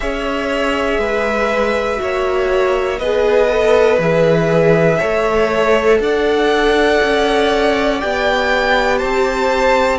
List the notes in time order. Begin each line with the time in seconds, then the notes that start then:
0.00 C#4 G#4 C#5 E5
0.98 G#3 B4
1.96 A#3 F#4 C#5
2.98 B3 G#4 B4 D#5
3.49 A4
3.98 E3 G#4 E5
4.98 A3 A4 C#5
5.99 D4 D5 F#5
7.02 C#4
8.00 B3 G4 G5
8.97 C4 C5 A5